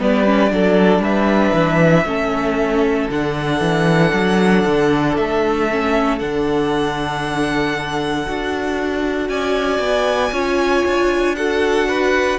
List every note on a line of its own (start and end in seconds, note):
0.00 0.52 G3
0.00 0.25 B3
0.00 0.53 B4
0.00 1.04 D5
0.25 0.50 C#4
0.50 0.99 F#3
0.50 2.05 D4
0.50 1.03 A4
0.99 1.51 G3
0.99 2.06 B4
0.99 3.10 E5
1.54 2.05 E3
2.05 3.09 A3
2.05 3.10 C#4
2.05 9.29 A4
3.10 3.61 D3
3.10 5.70 D4
3.10 5.17 F#5
3.61 4.12 E3
4.14 4.65 F#3
4.66 5.18 D3
5.17 6.21 A3
5.17 6.19 E5
5.71 6.19 C#4
6.19 8.28 D3
6.19 8.26 D4
6.19 9.30 F#5
8.27 9.29 D4
8.27 10.33 F#4
9.29 9.80 C#4
9.29 10.33 D5
9.29 11.36 G#5
9.80 10.31 B3
10.33 10.84 C#4
10.33 11.36 F4
10.33 11.36 C#5
10.86 12.40 D4
11.36 12.40 F#4
11.36 11.89 A4
11.36 12.39 F#5
11.89 12.40 B4